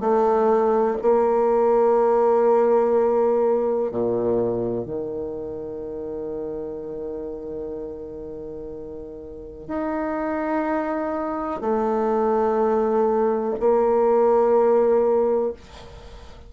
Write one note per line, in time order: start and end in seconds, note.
0.00 0.97 A3
1.02 3.91 A#3
3.91 4.85 A#2
4.85 9.68 D#3
9.68 11.61 D#4
11.61 13.54 A3
13.60 15.53 A#3